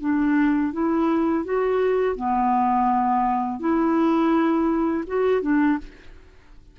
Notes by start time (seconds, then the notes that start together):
0.00 D4
0.72 E4
1.44 F#4
2.16 B3
3.59 E4
5.07 F#4
5.42 D4